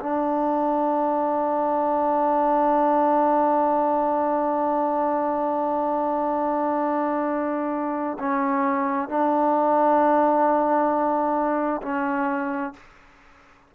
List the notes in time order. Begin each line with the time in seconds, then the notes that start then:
0.00 D4
8.19 C#4
9.09 D4
11.83 C#4